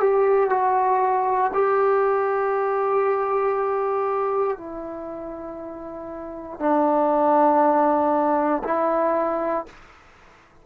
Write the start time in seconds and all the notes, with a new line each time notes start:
0.00 G4
0.49 F#4
1.53 G4
4.58 E4
6.59 D4
8.64 E4